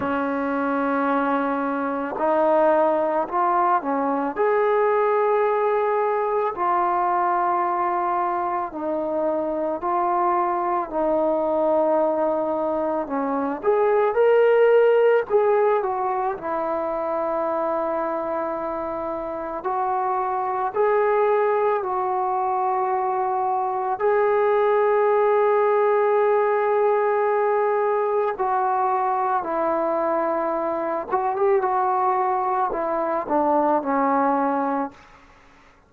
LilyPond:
\new Staff \with { instrumentName = "trombone" } { \time 4/4 \tempo 4 = 55 cis'2 dis'4 f'8 cis'8 | gis'2 f'2 | dis'4 f'4 dis'2 | cis'8 gis'8 ais'4 gis'8 fis'8 e'4~ |
e'2 fis'4 gis'4 | fis'2 gis'2~ | gis'2 fis'4 e'4~ | e'8 fis'16 g'16 fis'4 e'8 d'8 cis'4 | }